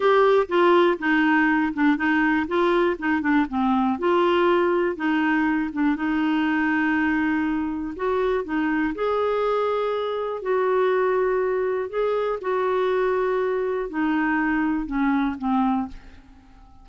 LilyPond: \new Staff \with { instrumentName = "clarinet" } { \time 4/4 \tempo 4 = 121 g'4 f'4 dis'4. d'8 | dis'4 f'4 dis'8 d'8 c'4 | f'2 dis'4. d'8 | dis'1 |
fis'4 dis'4 gis'2~ | gis'4 fis'2. | gis'4 fis'2. | dis'2 cis'4 c'4 | }